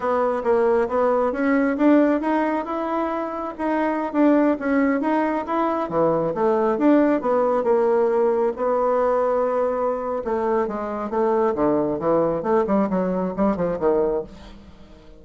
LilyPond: \new Staff \with { instrumentName = "bassoon" } { \time 4/4 \tempo 4 = 135 b4 ais4 b4 cis'4 | d'4 dis'4 e'2 | dis'4~ dis'16 d'4 cis'4 dis'8.~ | dis'16 e'4 e4 a4 d'8.~ |
d'16 b4 ais2 b8.~ | b2. a4 | gis4 a4 d4 e4 | a8 g8 fis4 g8 f8 dis4 | }